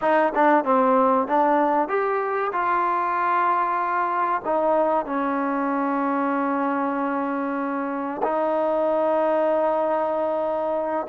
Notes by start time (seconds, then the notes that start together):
0.01 D#4
0.34 D4
0.64 C4
1.27 D4
1.88 G4
2.52 F4
4.44 D#4
5.05 C#4
8.22 D#4